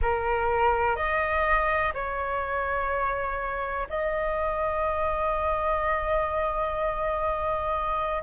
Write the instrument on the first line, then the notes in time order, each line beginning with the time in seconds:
flute
0.01 A#4
0.95 D#5
1.94 C#5
3.89 D#5